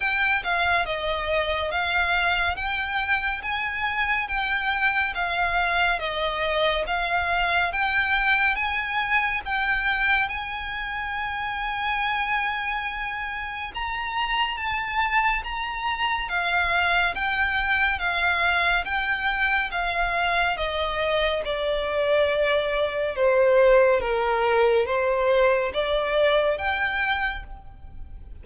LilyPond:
\new Staff \with { instrumentName = "violin" } { \time 4/4 \tempo 4 = 70 g''8 f''8 dis''4 f''4 g''4 | gis''4 g''4 f''4 dis''4 | f''4 g''4 gis''4 g''4 | gis''1 |
ais''4 a''4 ais''4 f''4 | g''4 f''4 g''4 f''4 | dis''4 d''2 c''4 | ais'4 c''4 d''4 g''4 | }